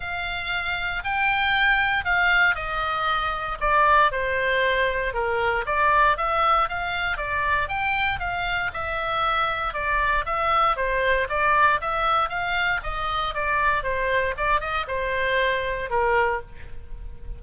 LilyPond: \new Staff \with { instrumentName = "oboe" } { \time 4/4 \tempo 4 = 117 f''2 g''2 | f''4 dis''2 d''4 | c''2 ais'4 d''4 | e''4 f''4 d''4 g''4 |
f''4 e''2 d''4 | e''4 c''4 d''4 e''4 | f''4 dis''4 d''4 c''4 | d''8 dis''8 c''2 ais'4 | }